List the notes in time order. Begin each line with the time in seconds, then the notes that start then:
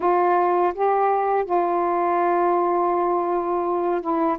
0.00 F4
0.74 G4
1.45 F4
4.01 E4